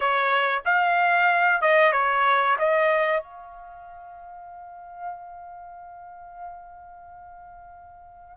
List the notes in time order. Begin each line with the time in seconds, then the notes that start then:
0.00 C#5
0.65 F5
1.61 D#5
1.92 C#5
2.58 D#5
3.23 F5